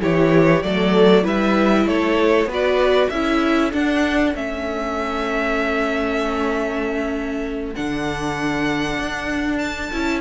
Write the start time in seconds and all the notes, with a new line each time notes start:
0.00 E3 E4 G4 C#5
0.62 F#3 A3 A4 D5
1.22 G3 E4 B4 E5
1.86 A3 A4 C#5
2.45 B3 F#4 B4
2.53 D5
3.09 C#4 E4 A4 E5
3.72 D4 F#5
4.34 A3 C#4 E5
7.75 D3 D4 F#5
8.99 D4
9.58 A5
9.92 C#4 E4